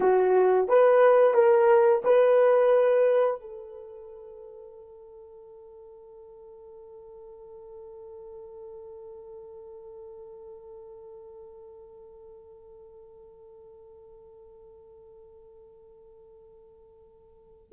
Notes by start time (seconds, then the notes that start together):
0.00 F#4
0.68 B4
1.34 A#4
2.04 B4
3.41 A4